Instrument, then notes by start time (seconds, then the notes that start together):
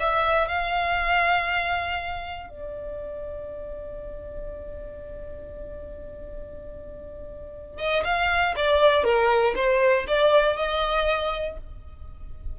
violin
0.00 E5
0.48 F5
2.50 D5
7.78 D#5
8.04 F5
8.56 D5
9.04 A#4
9.56 C5
10.07 D5
10.57 D#5